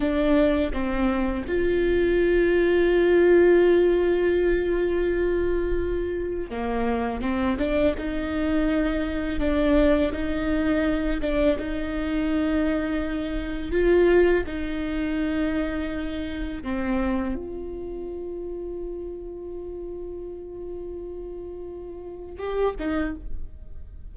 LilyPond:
\new Staff \with { instrumentName = "viola" } { \time 4/4 \tempo 4 = 83 d'4 c'4 f'2~ | f'1~ | f'4 ais4 c'8 d'8 dis'4~ | dis'4 d'4 dis'4. d'8 |
dis'2. f'4 | dis'2. c'4 | f'1~ | f'2. g'8 dis'8 | }